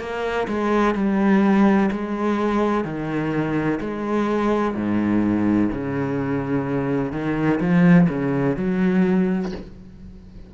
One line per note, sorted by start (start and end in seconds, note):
0.00 0.48 A#3
0.48 0.95 G#3
0.95 1.90 G3
1.92 2.85 G#3
2.85 3.80 D#3
3.81 4.75 G#3
4.75 5.71 G#2
5.72 7.12 C#3
7.12 7.60 D#3
7.61 8.09 F3
8.10 8.57 C#3
8.57 9.52 F#3